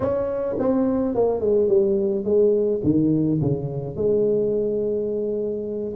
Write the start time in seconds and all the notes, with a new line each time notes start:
0.00 C#4
0.58 C4
1.14 A#3
1.40 G#3
1.67 G3
2.24 G#3
2.83 D#3
3.41 C#3
3.96 G#3